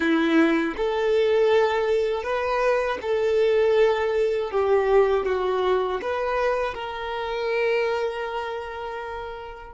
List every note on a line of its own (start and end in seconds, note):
0.00 0.74 E4
0.76 2.23 A4
2.23 2.98 B4
3.01 4.51 A4
4.51 5.25 G4
5.25 6.00 F#4
6.01 6.74 B4
6.74 9.74 A#4